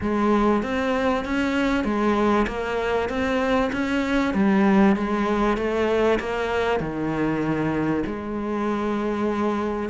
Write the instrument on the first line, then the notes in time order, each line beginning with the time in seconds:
cello
0.01 G#3
0.62 C4
1.25 C#4
1.84 G#3
2.47 A#3
3.09 C4
3.72 C#4
4.34 G3
4.96 G#3
5.57 A3
6.19 A#3
6.80 D#3
8.06 G#3